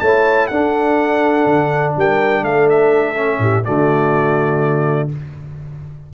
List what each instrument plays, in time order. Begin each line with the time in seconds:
0.00 tuba A3, trombone E4, horn C#5, trumpet A5
0.48 tuba D4, trombone D4, horn A4, trumpet F#5
1.46 tuba D3
1.97 tuba G3, horn A#4, trumpet G5
2.42 tuba A3, horn A4, trumpet F5
2.70 trumpet E5
3.16 trombone C#4
3.39 tuba A2, horn G4
3.64 tuba D3, trombone A3, horn F#4, trumpet D5